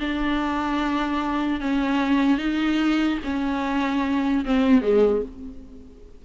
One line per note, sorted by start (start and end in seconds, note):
0.00 1.60 D4
1.60 2.38 C#4
2.38 3.18 D#4
3.24 4.45 C#4
4.45 4.82 C4
4.82 5.22 G#3